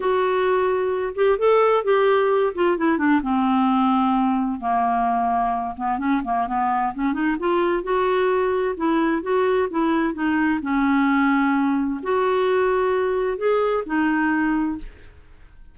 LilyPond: \new Staff \with { instrumentName = "clarinet" } { \time 4/4 \tempo 4 = 130 fis'2~ fis'8 g'8 a'4 | g'4. f'8 e'8 d'8 c'4~ | c'2 ais2~ | ais8 b8 cis'8 ais8 b4 cis'8 dis'8 |
f'4 fis'2 e'4 | fis'4 e'4 dis'4 cis'4~ | cis'2 fis'2~ | fis'4 gis'4 dis'2 | }